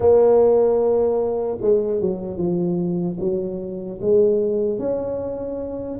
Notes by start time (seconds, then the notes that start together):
0.00 A#3
1.61 G#3
2.00 F#3
2.37 F3
3.19 F#3
4.01 G#3
4.79 C#4